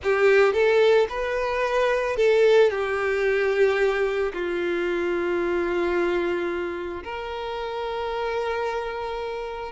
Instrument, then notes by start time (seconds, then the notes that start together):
violin
0.03 G4
0.53 A4
1.09 B4
2.16 A4
2.70 G4
4.33 F4
7.03 A#4